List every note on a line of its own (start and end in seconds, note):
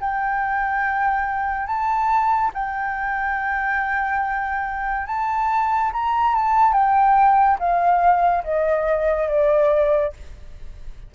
0.00 1.67 G5
1.67 2.51 A5
2.54 5.07 G5
5.07 5.91 A5
5.93 6.35 A#5
6.35 6.73 A5
6.73 7.58 G5
7.59 8.44 F5
8.44 9.28 D#5
9.28 10.13 D5